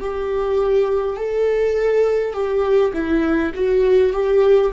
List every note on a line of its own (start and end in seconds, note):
0.00 1.17 G4
1.17 2.33 A4
2.33 2.92 G4
2.93 3.52 E4
3.55 4.13 F#4
4.13 4.72 G4